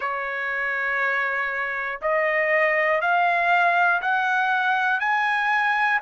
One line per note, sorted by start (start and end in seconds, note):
0.00 2.00 C#5
2.01 3.00 D#5
3.00 4.00 F5
4.01 5.00 F#5
5.00 6.00 G#5